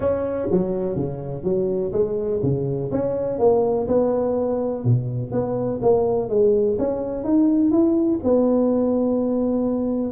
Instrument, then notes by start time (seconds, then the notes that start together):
tuba
0.00 C#4
0.51 F#3
0.96 C#3
1.43 F#3
1.92 G#3
2.42 C#3
2.91 C#4
3.38 A#3
3.87 B3
4.84 B2
5.31 B3
5.82 A#3
6.29 G#3
6.78 C#4
7.24 D#4
7.71 E4
8.23 B3